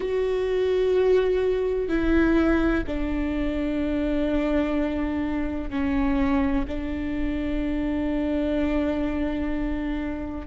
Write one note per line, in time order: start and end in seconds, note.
0.00 1.88 F#4
1.88 2.83 E4
2.87 5.70 D4
5.70 6.65 C#4
6.67 10.47 D4